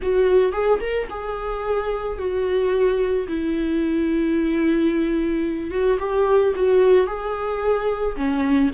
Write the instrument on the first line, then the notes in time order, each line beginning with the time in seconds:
viola
0.02 F#4
0.52 G#4
0.80 A#4
1.10 G#4
2.18 F#4
3.28 E4
5.70 F#4
5.99 G4
6.55 F#4
7.06 G#4
8.16 C#4